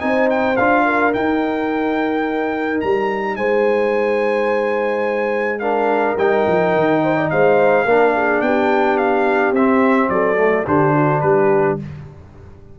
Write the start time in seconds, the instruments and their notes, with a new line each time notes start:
0.00 tuba C4, trombone D#4, horn C5, trumpet G#5
0.30 trumpet G5
0.57 tuba D4, trombone F4, trumpet F5
0.86 horn A#4
1.13 trombone D#4, tuba D#4, trumpet G5
2.81 tuba G3, trumpet A#5
3.37 tuba G#3, horn C5, trumpet G#5
5.60 trombone D4, horn A#4, trumpet F5
6.18 tuba G3, trombone D#4, trumpet G5
6.48 tuba F3
6.75 tuba D#3
7.04 horn C5
7.16 horn D5
7.31 tuba G#3, horn C5, trumpet F5
7.86 tuba A#3, trombone D4, horn A#4
8.17 horn G#4
8.42 tuba B3, horn G4, trumpet G5
8.98 trumpet F5
9.53 tuba C4, trombone C4, trumpet E5
10.09 tuba F#3, horn A4, trumpet D5
10.37 trombone A3
10.67 tuba D3, trombone D4, horn G4, trumpet C5
10.95 horn F#4
11.21 tuba G3, horn G4, trumpet B4